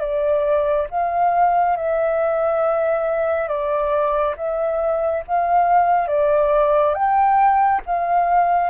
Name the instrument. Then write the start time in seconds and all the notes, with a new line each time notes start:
flute
0.00 D5
0.91 F5
1.76 E5
3.48 D5
4.37 E5
5.27 F5
6.08 D5
6.94 G5
7.86 F5